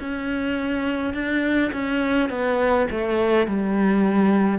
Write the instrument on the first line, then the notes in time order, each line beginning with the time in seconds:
cello
0.00 C#4
1.14 D4
1.73 C#4
2.30 B3
2.91 A3
3.48 G3